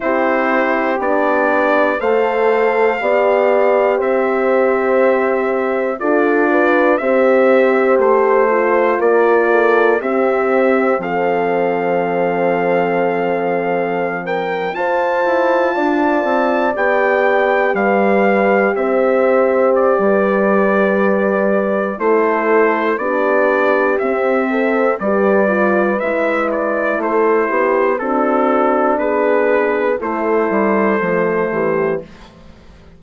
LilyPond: <<
  \new Staff \with { instrumentName = "trumpet" } { \time 4/4 \tempo 4 = 60 c''4 d''4 f''2 | e''2 d''4 e''4 | c''4 d''4 e''4 f''4~ | f''2~ f''16 g''8 a''4~ a''16~ |
a''8. g''4 f''4 e''4 d''16~ | d''2 c''4 d''4 | e''4 d''4 e''8 d''8 c''4 | a'4 b'4 c''2 | }
  \new Staff \with { instrumentName = "horn" } { \time 4/4 g'2 c''4 d''4 | c''2 a'8 b'8 c''4~ | c''4 ais'8 a'8 g'4 a'4~ | a'2~ a'16 ais'8 c''4 d''16~ |
d''4.~ d''16 b'4 c''4~ c''16 | b'2 a'4 g'4~ | g'8 a'8 b'2 a'8 g'8 | fis'4 gis'4 a'4. g'8 | }
  \new Staff \with { instrumentName = "horn" } { \time 4/4 e'4 d'4 a'4 g'4~ | g'2 f'4 g'4~ | g'8 f'4. c'2~ | c'2~ c'8. f'4~ f'16~ |
f'8. g'2.~ g'16~ | g'2 e'4 d'4 | c'4 g'8 f'8 e'2 | d'2 e'4 a4 | }
  \new Staff \with { instrumentName = "bassoon" } { \time 4/4 c'4 b4 a4 b4 | c'2 d'4 c'4 | a4 ais4 c'4 f4~ | f2~ f8. f'8 e'8 d'16~ |
d'16 c'8 b4 g4 c'4~ c'16 | g2 a4 b4 | c'4 g4 gis4 a8 b8 | c'4 b4 a8 g8 f8 e8 | }
>>